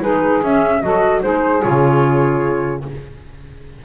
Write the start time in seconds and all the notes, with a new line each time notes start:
0.00 G#3 D#4 G#4 B4
0.42 C#4 E5
0.81 F#3 F#4 A4 D#5
1.21 G#3 D#4 G#4 C5
1.61 C#3 F4 C#5